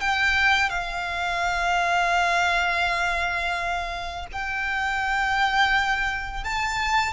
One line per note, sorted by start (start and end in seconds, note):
0.00 0.69 G5
0.69 4.26 F5
4.32 6.44 G5
6.44 7.13 A5